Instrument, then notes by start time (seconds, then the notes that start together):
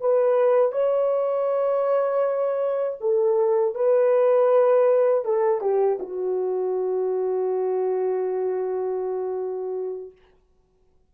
horn
0.00 B4
0.72 C#5
3.00 A4
3.75 B4
5.25 A4
5.60 G4
5.99 F#4